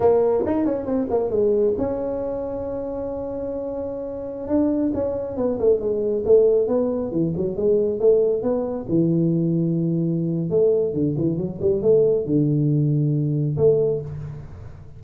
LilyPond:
\new Staff \with { instrumentName = "tuba" } { \time 4/4 \tempo 4 = 137 ais4 dis'8 cis'8 c'8 ais8 gis4 | cis'1~ | cis'2~ cis'16 d'4 cis'8.~ | cis'16 b8 a8 gis4 a4 b8.~ |
b16 e8 fis8 gis4 a4 b8.~ | b16 e2.~ e8. | a4 d8 e8 fis8 g8 a4 | d2. a4 | }